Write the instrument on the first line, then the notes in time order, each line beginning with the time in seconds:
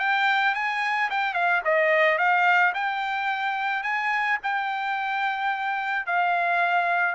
trumpet
0.00 G5
0.55 G#5
1.11 G5
1.34 F5
1.65 D#5
2.18 F5
2.74 G5
3.83 G#5
4.43 G5
6.07 F5